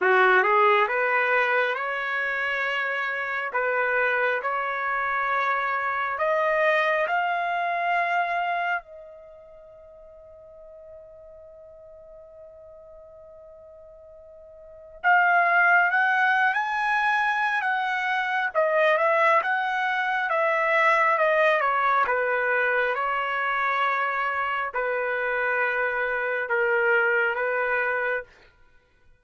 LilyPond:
\new Staff \with { instrumentName = "trumpet" } { \time 4/4 \tempo 4 = 68 fis'8 gis'8 b'4 cis''2 | b'4 cis''2 dis''4 | f''2 dis''2~ | dis''1~ |
dis''4 f''4 fis''8. gis''4~ gis''16 | fis''4 dis''8 e''8 fis''4 e''4 | dis''8 cis''8 b'4 cis''2 | b'2 ais'4 b'4 | }